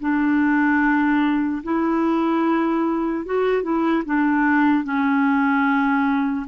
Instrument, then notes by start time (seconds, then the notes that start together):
clarinet
0.00 D4
1.63 E4
3.25 F#4
3.62 E4
4.05 D4
4.84 C#4